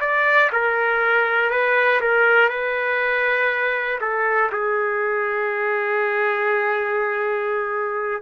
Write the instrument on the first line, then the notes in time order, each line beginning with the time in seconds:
trumpet
0.00 D5
0.52 A#4
1.50 B4
2.00 A#4
2.49 B4
4.00 A4
4.52 G#4